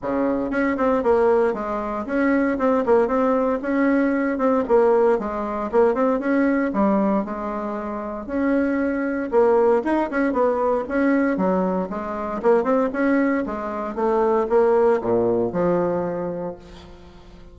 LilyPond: \new Staff \with { instrumentName = "bassoon" } { \time 4/4 \tempo 4 = 116 cis4 cis'8 c'8 ais4 gis4 | cis'4 c'8 ais8 c'4 cis'4~ | cis'8 c'8 ais4 gis4 ais8 c'8 | cis'4 g4 gis2 |
cis'2 ais4 dis'8 cis'8 | b4 cis'4 fis4 gis4 | ais8 c'8 cis'4 gis4 a4 | ais4 ais,4 f2 | }